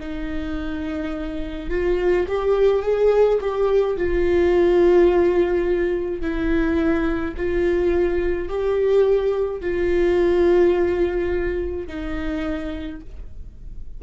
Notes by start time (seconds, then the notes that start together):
0.00 D#4
1.70 F4
2.27 G4
2.82 G#4
3.41 G4
3.97 F4
6.21 E4
7.36 F4
8.49 G4
9.61 F4
11.87 D#4